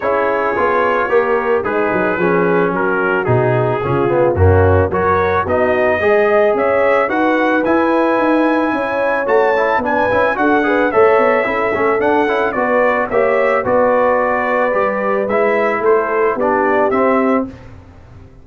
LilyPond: <<
  \new Staff \with { instrumentName = "trumpet" } { \time 4/4 \tempo 4 = 110 cis''2. b'4~ | b'4 ais'4 gis'2 | fis'4 cis''4 dis''2 | e''4 fis''4 gis''2~ |
gis''4 a''4 gis''4 fis''4 | e''2 fis''4 d''4 | e''4 d''2. | e''4 c''4 d''4 e''4 | }
  \new Staff \with { instrumentName = "horn" } { \time 4/4 gis'2 ais'4 dis'4 | gis'4 fis'2 f'4 | cis'4 ais'4 fis'4 dis''4 | cis''4 b'2. |
cis''2 b'4 a'8 b'8 | cis''4 a'2 b'4 | cis''4 b'2.~ | b'4 a'4 g'2 | }
  \new Staff \with { instrumentName = "trombone" } { \time 4/4 e'4 f'4 g'4 gis'4 | cis'2 dis'4 cis'8 b8 | ais4 fis'4 dis'4 gis'4~ | gis'4 fis'4 e'2~ |
e'4 fis'8 e'8 d'8 e'8 fis'8 gis'8 | a'4 e'8 cis'8 d'8 e'8 fis'4 | g'4 fis'2 g'4 | e'2 d'4 c'4 | }
  \new Staff \with { instrumentName = "tuba" } { \time 4/4 cis'4 b4 ais4 gis8 fis8 | f4 fis4 b,4 cis4 | fis,4 fis4 b4 gis4 | cis'4 dis'4 e'4 dis'4 |
cis'4 a4 b8 cis'8 d'4 | a8 b8 cis'8 a8 d'8 cis'8 b4 | ais4 b2 g4 | gis4 a4 b4 c'4 | }
>>